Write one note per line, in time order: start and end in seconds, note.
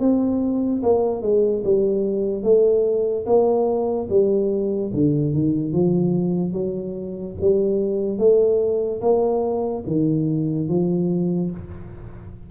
0.00 0.82 C4
0.83 1.22 A#3
1.22 1.63 G#3
1.64 2.43 G3
2.43 3.25 A3
3.26 4.08 A#3
4.09 4.92 G3
4.94 5.34 D3
5.34 5.72 D#3
5.72 6.53 F3
6.53 7.35 F#3
7.40 8.19 G3
8.19 9.01 A3
9.01 9.83 A#3
9.87 10.68 D#3
10.68 11.51 F3